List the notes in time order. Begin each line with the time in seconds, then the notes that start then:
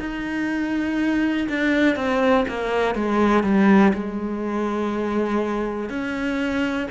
0.00 D#4
1.49 D4
1.96 C4
2.48 A#3
2.95 G#3
3.44 G3
3.94 G#3
5.89 C#4